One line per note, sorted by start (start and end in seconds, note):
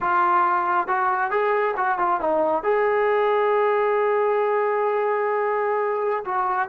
0.00 0.87 F4
0.87 1.31 F#4
1.31 1.74 G#4
1.77 1.98 F#4
1.98 2.20 F4
2.20 2.63 D#4
2.63 6.24 G#4
6.24 6.68 F#4